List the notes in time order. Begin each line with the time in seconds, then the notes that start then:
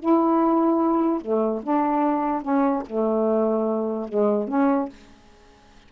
0.00 E4
1.21 A3
1.63 D4
2.42 C#4
2.87 A3
4.09 G#3
4.48 C#4